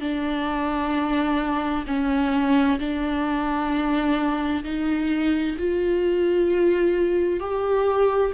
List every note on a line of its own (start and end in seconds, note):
0.00 1.85 D4
1.86 2.79 C#4
2.79 4.64 D4
4.64 5.56 D#4
5.58 7.40 F4
7.40 8.32 G4